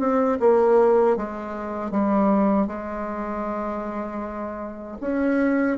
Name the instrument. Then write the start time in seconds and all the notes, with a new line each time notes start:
bassoon
0.00 C4
0.40 A#3
1.17 G#3
1.92 G3
2.67 G#3
5.01 C#4